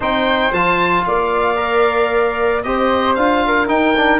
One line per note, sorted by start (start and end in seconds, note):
0.00 0.51 C4
0.00 0.52 D#4
0.00 1.04 C5
0.00 0.53 G5
0.51 1.04 F3
0.51 1.56 F4
0.51 1.04 A5
1.04 2.64 A#3
1.04 2.64 D5
1.04 2.62 F5
1.56 2.61 A#4
2.62 3.16 C4
2.62 3.17 G4
2.62 3.45 C5
2.62 3.14 D#5
3.14 3.68 D4
3.14 3.67 F4
3.14 3.67 F5
3.46 4.20 A#4
3.67 3.93 D#4
3.67 4.20 D#4
3.67 4.20 G5
3.96 4.20 D4